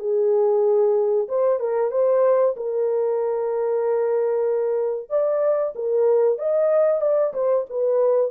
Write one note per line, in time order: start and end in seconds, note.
0.00 1.28 G#4
1.29 1.60 C5
1.60 1.91 A#4
1.91 2.55 C5
2.56 5.10 A#4
5.10 5.74 D5
5.75 6.39 A#4
6.39 7.02 D#5
7.02 7.33 D5
7.34 7.66 C5
7.70 8.31 B4